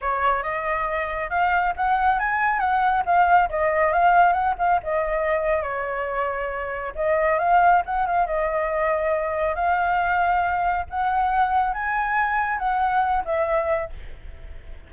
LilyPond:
\new Staff \with { instrumentName = "flute" } { \time 4/4 \tempo 4 = 138 cis''4 dis''2 f''4 | fis''4 gis''4 fis''4 f''4 | dis''4 f''4 fis''8 f''8 dis''4~ | dis''4 cis''2. |
dis''4 f''4 fis''8 f''8 dis''4~ | dis''2 f''2~ | f''4 fis''2 gis''4~ | gis''4 fis''4. e''4. | }